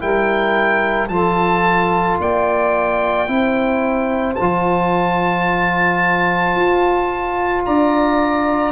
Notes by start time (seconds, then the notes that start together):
0.00 G3 E4 A#4 G5
1.08 F3 F4 A4 A5
2.20 A#3 D5 G5
3.27 C4 E4 C5
4.35 F3 F4 A5
6.56 F4
7.65 D4 D5 A#5